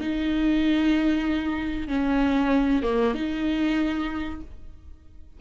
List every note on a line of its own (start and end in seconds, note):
0.00 1.88 D#4
1.88 2.83 C#4
2.83 3.14 A#3
3.14 4.40 D#4